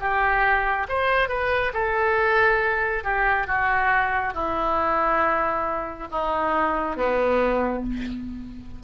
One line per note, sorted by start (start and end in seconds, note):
0.00 0.87 G4
0.89 1.29 C5
1.29 1.72 B4
1.74 3.04 A4
3.04 3.47 G4
3.47 4.34 F#4
4.34 6.08 E4
6.11 6.96 D#4
6.96 7.83 B3